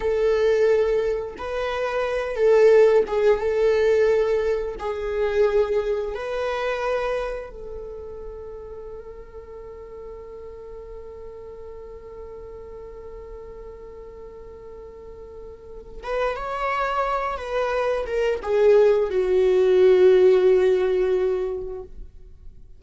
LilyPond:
\new Staff \with { instrumentName = "viola" } { \time 4/4 \tempo 4 = 88 a'2 b'4. a'8~ | a'8 gis'8 a'2 gis'4~ | gis'4 b'2 a'4~ | a'1~ |
a'1~ | a'2.~ a'8 b'8 | cis''4. b'4 ais'8 gis'4 | fis'1 | }